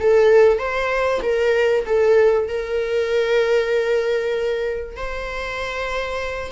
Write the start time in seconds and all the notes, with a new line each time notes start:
0.00 A4
0.59 C5
1.22 A#4
1.86 A4
2.48 A#4
4.97 C5